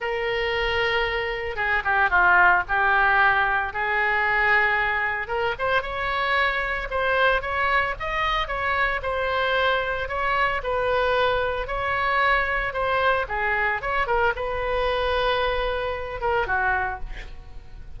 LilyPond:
\new Staff \with { instrumentName = "oboe" } { \time 4/4 \tempo 4 = 113 ais'2. gis'8 g'8 | f'4 g'2 gis'4~ | gis'2 ais'8 c''8 cis''4~ | cis''4 c''4 cis''4 dis''4 |
cis''4 c''2 cis''4 | b'2 cis''2 | c''4 gis'4 cis''8 ais'8 b'4~ | b'2~ b'8 ais'8 fis'4 | }